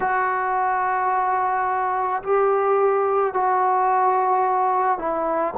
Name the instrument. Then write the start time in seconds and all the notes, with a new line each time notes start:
trombone
0.00 F#4
2.23 G4
3.33 F#4
4.98 E4